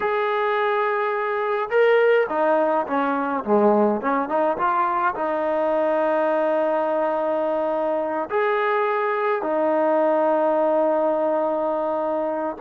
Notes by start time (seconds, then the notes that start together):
0.00 G#4
1.69 A#4
2.29 D#4
2.86 C#4
3.44 G#3
4.01 C#4
4.28 D#4
4.57 F4
5.14 D#4
8.29 G#4
9.42 D#4